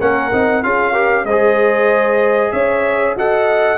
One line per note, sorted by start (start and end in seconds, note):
0.00 0.32 A#3
0.00 0.32 C#4
0.00 0.64 A#4
0.00 0.63 F#5
0.33 0.64 C4
0.33 0.64 D#4
0.63 1.25 C#4
0.63 0.94 F4
0.63 0.92 G#4
0.63 1.26 F5
0.92 1.25 G4
0.92 1.24 A#4
1.25 2.51 G#3
1.25 3.19 G#4
1.25 2.53 C5
1.25 2.52 D#5
2.52 3.16 C#4
2.52 3.16 C#5
2.52 3.15 E5
3.16 3.79 F#4
3.16 3.79 A4
3.16 3.79 D#5
3.16 3.79 F#5